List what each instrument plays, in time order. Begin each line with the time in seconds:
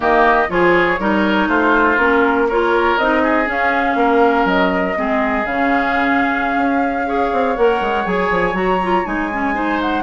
0.00 bassoon D#3, clarinet A#3, oboe G4, flute D#5
0.48 bassoon F3, clarinet F4, oboe G#4, flute C#5
0.99 bassoon G3, clarinet D#4, oboe A#4
1.47 bassoon A3, oboe F4, flute C5
1.97 bassoon A#3, clarinet C#4, flute A#4
2.48 clarinet F4, oboe A#4, flute C#5
2.98 bassoon C4, clarinet D#4, flute D#5
3.23 oboe G#4
3.45 clarinet C#4, bassoon C#4, flute F5
3.95 bassoon A#3, oboe A#4
4.45 bassoon F#3, flute D#5
4.95 bassoon G#3, clarinet C4, oboe G#4
5.44 bassoon C#3, clarinet C#4, flute F5
6.55 bassoon C#4
7.06 clarinet G#4, oboe C#5
7.32 bassoon C4
7.56 bassoon A#3, clarinet A#4, flute F#5
7.81 bassoon G#3
8.05 bassoon F#3, clarinet G#4, flute G#5
8.30 bassoon F3
8.53 bassoon F#3, clarinet F#4, flute A#5
8.83 clarinet F4
9.05 bassoon G#3, clarinet D#4, flute G#5
9.32 clarinet C#4
9.54 clarinet D#4, oboe C5
9.81 flute F#5